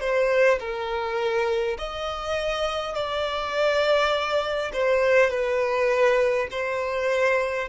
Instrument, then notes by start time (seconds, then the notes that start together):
violin
0.00 C5
0.59 A#4
1.78 D#5
2.95 D5
4.72 C5
5.30 B4
6.51 C5